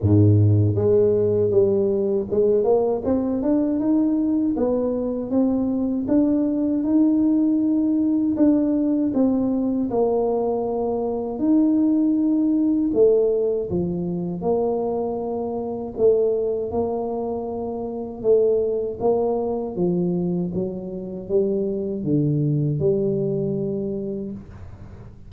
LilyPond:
\new Staff \with { instrumentName = "tuba" } { \time 4/4 \tempo 4 = 79 gis,4 gis4 g4 gis8 ais8 | c'8 d'8 dis'4 b4 c'4 | d'4 dis'2 d'4 | c'4 ais2 dis'4~ |
dis'4 a4 f4 ais4~ | ais4 a4 ais2 | a4 ais4 f4 fis4 | g4 d4 g2 | }